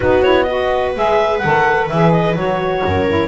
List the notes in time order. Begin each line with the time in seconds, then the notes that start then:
0.00 B3 D#4 F#4 B4
0.23 E4 C#5
0.43 D#5
0.49 F#4 B4
0.95 G#3 G#4 E5
1.38 A4 F#5
1.44 D#3
1.89 E3 G#4 E5
2.11 D#5
2.35 F#3 F#4 C#5
2.84 F#2 A#4
3.07 E4